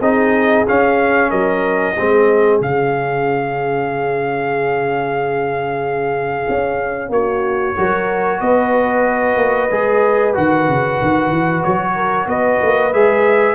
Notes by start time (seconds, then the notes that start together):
0.00 C4 D#4 G#4 D#5
0.67 C#4 F5
1.29 F#3 A#4 D#5
1.95 G#3 C4 G#4
2.60 C#3 C#4 F5
6.48 C#4
7.09 A#3 F#4 C#5
7.76 F#3 F#4 A#4
8.40 B3 B4 D#5
9.36 A#3
9.71 G#3 G#4
10.34 D#3 F#4 F#5
10.68 C#3
11.01 D#3
11.30 E3
11.63 F#3 C#5
11.94 A#4
12.26 B3 B4 D#5
12.62 A#3
12.93 G#3 G#4 E5